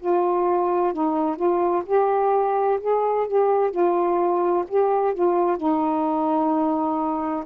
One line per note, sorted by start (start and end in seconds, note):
0.00 0.94 F4
0.94 1.36 D#4
1.36 1.83 F4
1.86 2.80 G4
2.81 3.28 G#4
3.28 3.71 G4
3.71 4.65 F4
4.68 5.14 G4
5.14 5.57 F4
5.57 7.45 D#4